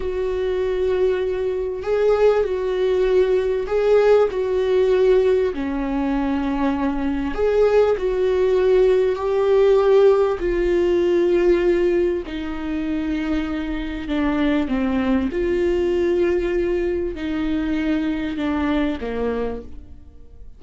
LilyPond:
\new Staff \with { instrumentName = "viola" } { \time 4/4 \tempo 4 = 98 fis'2. gis'4 | fis'2 gis'4 fis'4~ | fis'4 cis'2. | gis'4 fis'2 g'4~ |
g'4 f'2. | dis'2. d'4 | c'4 f'2. | dis'2 d'4 ais4 | }